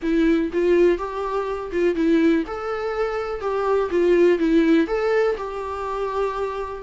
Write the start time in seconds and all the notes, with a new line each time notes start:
0.02 E4
0.52 F4
0.98 G4
1.72 F4
1.95 E4
2.46 A4
3.40 G4
3.90 F4
4.38 E4
4.87 A4
5.37 G4